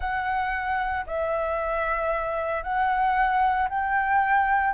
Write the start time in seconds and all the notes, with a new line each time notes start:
0.00 F#5
1.06 E5
2.63 F#5
3.69 G5